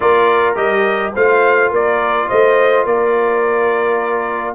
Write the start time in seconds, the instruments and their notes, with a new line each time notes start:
0.00 tuba A#3, trombone F4, horn A#4, trumpet D5
0.55 tuba G3, trombone G4, trumpet D#5
1.13 tuba A3, trombone F4, horn C5, trumpet F5
1.70 tuba A#3, horn A#4, trumpet D5
2.28 tuba A3, horn C5, trumpet D#5
2.85 tuba A#3, horn A#4, trumpet D5